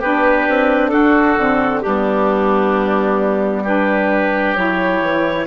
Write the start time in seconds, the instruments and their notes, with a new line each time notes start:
0.00 bassoon B3, saxophone D4, oboe G4, clarinet B4
0.49 bassoon C4
0.89 bassoon D4, oboe F#4, clarinet A4
1.37 bassoon D3, saxophone C4
1.81 bassoon G3, saxophone B3, oboe D4, clarinet G4
3.64 saxophone D4, oboe G4, clarinet B4
4.56 bassoon F#3, saxophone E4, clarinet C#5
5.01 bassoon E3